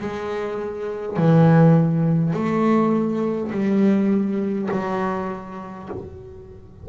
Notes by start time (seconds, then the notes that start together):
0.00 G#3
1.17 E3
2.33 A3
3.51 G3
4.71 F#3